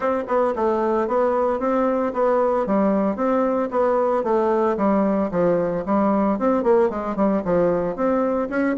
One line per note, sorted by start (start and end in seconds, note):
0.00 0.23 C4
0.27 0.54 B3
0.55 1.07 A3
1.07 1.59 B3
1.59 2.12 C4
2.13 2.66 B3
2.66 3.16 G3
3.16 3.69 C4
3.70 4.23 B3
4.23 4.76 A3
4.77 5.30 G3
5.31 5.84 F3
5.85 6.38 G3
6.38 6.63 C4
6.63 6.89 A#3
6.89 7.15 G#3
7.15 7.42 G3
7.45 7.95 F3
7.95 8.49 C4
8.49 8.76 C#4